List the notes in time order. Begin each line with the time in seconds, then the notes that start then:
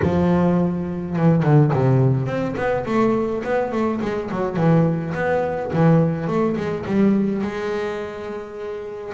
0.02 F3
1.16 E3
1.42 D3
1.73 C3
2.26 C4
2.56 B3
2.85 A3
3.43 B3
3.71 A3
4.01 G#3
4.31 F#3
4.56 E3
5.14 B3
5.73 E3
6.27 A3
6.56 G#3
6.86 G3
7.41 G#3